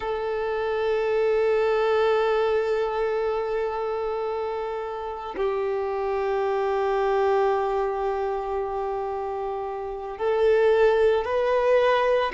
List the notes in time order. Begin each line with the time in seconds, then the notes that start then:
0.00 A4
5.36 G4
10.18 A4
11.25 B4